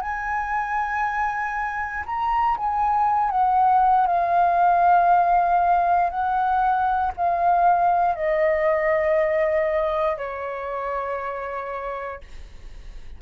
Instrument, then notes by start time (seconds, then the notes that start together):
flute
0.00 G#5
2.05 A#5
2.57 G#5
3.30 F#5
4.06 F5
6.10 F#5
7.16 F5
8.15 D#5
10.17 C#5